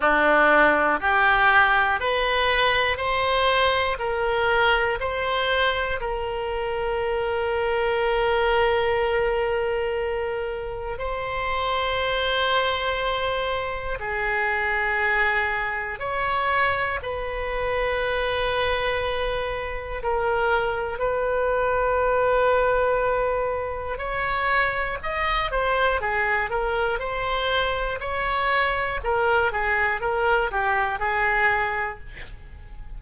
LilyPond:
\new Staff \with { instrumentName = "oboe" } { \time 4/4 \tempo 4 = 60 d'4 g'4 b'4 c''4 | ais'4 c''4 ais'2~ | ais'2. c''4~ | c''2 gis'2 |
cis''4 b'2. | ais'4 b'2. | cis''4 dis''8 c''8 gis'8 ais'8 c''4 | cis''4 ais'8 gis'8 ais'8 g'8 gis'4 | }